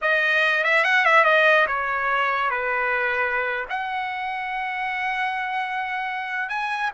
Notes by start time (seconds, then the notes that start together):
0.01 D#5
0.64 E5
0.84 F#5
1.05 E5
1.24 D#5
1.67 C#5
2.50 B4
3.69 F#5
6.49 G#5